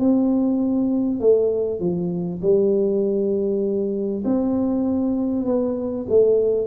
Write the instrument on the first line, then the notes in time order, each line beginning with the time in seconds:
tuba
0.00 C4
1.21 A3
1.80 F3
2.42 G3
4.25 C4
5.46 B3
6.09 A3